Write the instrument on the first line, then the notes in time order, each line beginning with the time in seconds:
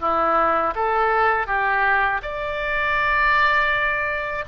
oboe
0.00 E4
0.75 A4
1.47 G4
2.23 D5